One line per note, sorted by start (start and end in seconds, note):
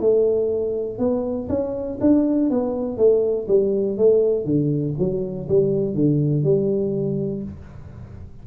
0.00 0.98 A3
0.98 1.48 B3
1.49 1.98 C#4
2.00 2.50 D4
2.50 2.97 B3
2.97 3.46 A3
3.48 3.97 G3
3.97 4.45 A3
4.45 4.94 D3
4.98 5.48 F#3
5.48 5.94 G3
5.94 6.43 D3
6.43 7.43 G3